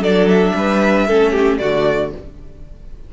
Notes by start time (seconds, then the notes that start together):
0.00 F#3 D4 A4 D5
0.29 E5
0.55 G3 B4
1.07 A3 C#4 A4
1.32 G4
1.58 D3 A3 F#4 D5